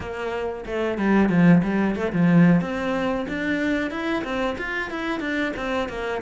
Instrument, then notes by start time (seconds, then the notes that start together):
cello
0.00 A#3
0.66 A3
0.98 G3
1.29 F3
1.63 G3
1.95 A3
2.12 F3
2.61 C4
3.28 D4
3.90 E4
4.24 C4
4.58 F4
4.90 E4
5.20 D4
5.56 C4
5.88 A#3